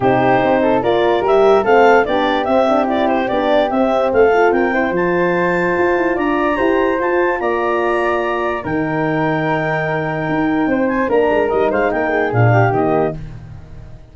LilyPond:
<<
  \new Staff \with { instrumentName = "clarinet" } { \time 4/4 \tempo 4 = 146 c''2 d''4 e''4 | f''4 d''4 e''4 d''8 c''8 | d''4 e''4 f''4 g''4 | a''2. ais''4~ |
ais''4 a''4 ais''2~ | ais''4 g''2.~ | g''2~ g''8 gis''8 ais''4 | dis''8 f''8 g''4 f''4 dis''4 | }
  \new Staff \with { instrumentName = "flute" } { \time 4/4 g'4. a'8 ais'2 | a'4 g'2.~ | g'2 a'4 ais'8 c''8~ | c''2. d''4 |
c''2 d''2~ | d''4 ais'2.~ | ais'2 c''4 ais'4~ | ais'8 c''8 ais'8 gis'4 g'4. | }
  \new Staff \with { instrumentName = "horn" } { \time 4/4 dis'2 f'4 g'4 | c'4 d'4 c'8 d'8 e'4 | d'4 c'4. f'4 e'8 | f'1 |
g'4 f'2.~ | f'4 dis'2.~ | dis'2. d'4 | dis'2 d'4 ais4 | }
  \new Staff \with { instrumentName = "tuba" } { \time 4/4 c4 c'4 ais4 g4 | a4 b4 c'2 | b4 c'4 a4 c'4 | f2 f'8 e'8 d'4 |
e'4 f'4 ais2~ | ais4 dis2.~ | dis4 dis'4 c'4 ais8 gis8 | g8 gis8 ais4 ais,4 dis4 | }
>>